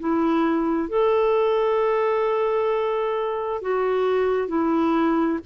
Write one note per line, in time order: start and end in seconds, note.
0.00 0.89 E4
0.89 3.62 A4
3.62 4.48 F#4
4.48 5.39 E4